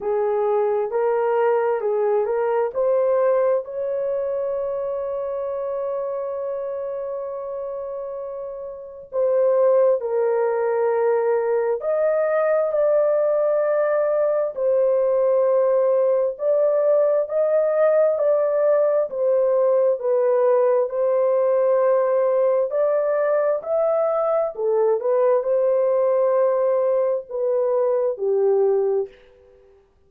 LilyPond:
\new Staff \with { instrumentName = "horn" } { \time 4/4 \tempo 4 = 66 gis'4 ais'4 gis'8 ais'8 c''4 | cis''1~ | cis''2 c''4 ais'4~ | ais'4 dis''4 d''2 |
c''2 d''4 dis''4 | d''4 c''4 b'4 c''4~ | c''4 d''4 e''4 a'8 b'8 | c''2 b'4 g'4 | }